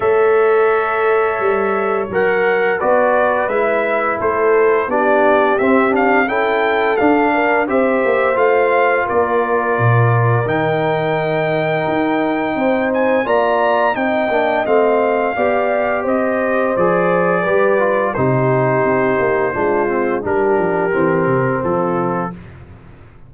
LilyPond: <<
  \new Staff \with { instrumentName = "trumpet" } { \time 4/4 \tempo 4 = 86 e''2. fis''4 | d''4 e''4 c''4 d''4 | e''8 f''8 g''4 f''4 e''4 | f''4 d''2 g''4~ |
g''2~ g''8 gis''8 ais''4 | g''4 f''2 dis''4 | d''2 c''2~ | c''4 ais'2 a'4 | }
  \new Staff \with { instrumentName = "horn" } { \time 4/4 cis''1 | b'2 a'4 g'4~ | g'4 a'4. ais'8 c''4~ | c''4 ais'2.~ |
ais'2 c''4 d''4 | dis''2 d''4 c''4~ | c''4 b'4 g'2 | f'4 g'2 f'4 | }
  \new Staff \with { instrumentName = "trombone" } { \time 4/4 a'2. ais'4 | fis'4 e'2 d'4 | c'8 d'8 e'4 d'4 g'4 | f'2. dis'4~ |
dis'2. f'4 | dis'8 d'8 c'4 g'2 | gis'4 g'8 f'8 dis'2 | d'8 c'8 d'4 c'2 | }
  \new Staff \with { instrumentName = "tuba" } { \time 4/4 a2 g4 fis4 | b4 gis4 a4 b4 | c'4 cis'4 d'4 c'8 ais8 | a4 ais4 ais,4 dis4~ |
dis4 dis'4 c'4 ais4 | c'8 ais8 a4 b4 c'4 | f4 g4 c4 c'8 ais8 | gis4 g8 f8 e8 c8 f4 | }
>>